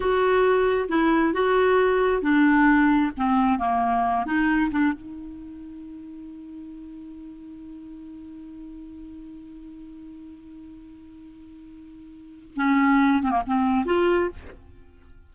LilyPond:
\new Staff \with { instrumentName = "clarinet" } { \time 4/4 \tempo 4 = 134 fis'2 e'4 fis'4~ | fis'4 d'2 c'4 | ais4. dis'4 d'8 dis'4~ | dis'1~ |
dis'1~ | dis'1~ | dis'1 | cis'4. c'16 ais16 c'4 f'4 | }